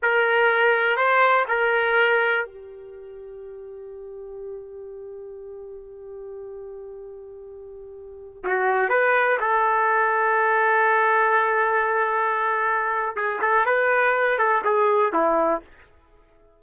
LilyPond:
\new Staff \with { instrumentName = "trumpet" } { \time 4/4 \tempo 4 = 123 ais'2 c''4 ais'4~ | ais'4 g'2.~ | g'1~ | g'1~ |
g'4~ g'16 fis'4 b'4 a'8.~ | a'1~ | a'2. gis'8 a'8 | b'4. a'8 gis'4 e'4 | }